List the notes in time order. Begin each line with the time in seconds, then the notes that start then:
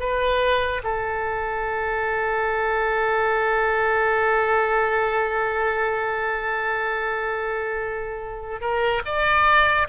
0.00 B4
0.84 A4
8.61 A#4
9.05 D5